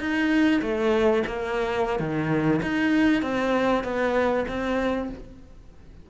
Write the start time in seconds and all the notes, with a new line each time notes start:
0.00 D#4
0.62 A3
1.27 A#3
2.00 D#3
2.62 D#4
3.23 C4
3.84 B3
4.48 C4